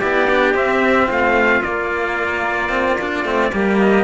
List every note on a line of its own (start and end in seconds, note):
0.00 0.54 B3
0.00 0.29 E4
0.00 1.07 G4
0.00 0.55 D5
0.30 0.55 D4
0.54 1.08 C4
0.54 1.63 C4
0.54 1.10 E5
1.07 1.61 A3
1.07 3.51 F4
1.07 1.63 F5
1.61 3.23 A#3
1.61 2.70 A#3
1.61 3.79 D5
2.70 2.97 C4
3.01 3.25 D4
3.24 3.51 A3
3.24 3.52 C4
3.53 4.04 G3
3.53 4.04 A#3
3.53 4.04 G4
3.80 4.04 D#5